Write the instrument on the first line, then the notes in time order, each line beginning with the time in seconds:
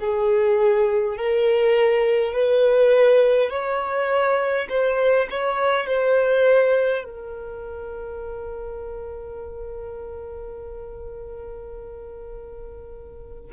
violin
0.00 G#4
1.17 A#4
2.33 B4
3.50 C#5
4.70 C5
5.30 C#5
5.87 C5
7.04 A#4